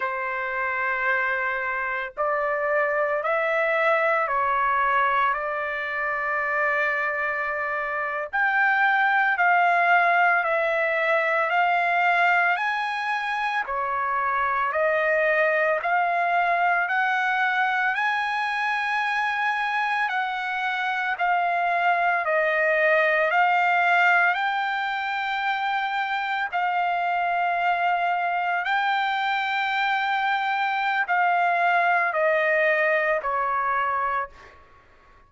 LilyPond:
\new Staff \with { instrumentName = "trumpet" } { \time 4/4 \tempo 4 = 56 c''2 d''4 e''4 | cis''4 d''2~ d''8. g''16~ | g''8. f''4 e''4 f''4 gis''16~ | gis''8. cis''4 dis''4 f''4 fis''16~ |
fis''8. gis''2 fis''4 f''16~ | f''8. dis''4 f''4 g''4~ g''16~ | g''8. f''2 g''4~ g''16~ | g''4 f''4 dis''4 cis''4 | }